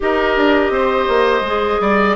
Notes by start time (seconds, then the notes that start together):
0.00 D#4 G4 A#4 D#5
0.36 D4
0.69 C4 C5
1.08 A#3
1.40 G#3 G#4
1.80 G3 D5